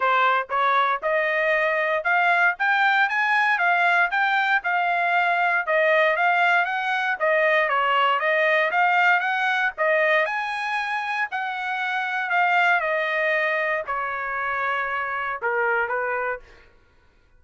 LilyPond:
\new Staff \with { instrumentName = "trumpet" } { \time 4/4 \tempo 4 = 117 c''4 cis''4 dis''2 | f''4 g''4 gis''4 f''4 | g''4 f''2 dis''4 | f''4 fis''4 dis''4 cis''4 |
dis''4 f''4 fis''4 dis''4 | gis''2 fis''2 | f''4 dis''2 cis''4~ | cis''2 ais'4 b'4 | }